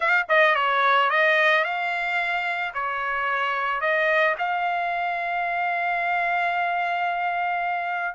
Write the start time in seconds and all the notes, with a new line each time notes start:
0.00 F5
0.29 D#5
0.55 C#5
1.10 D#5
1.64 F5
2.73 C#5
3.80 D#5
4.38 F5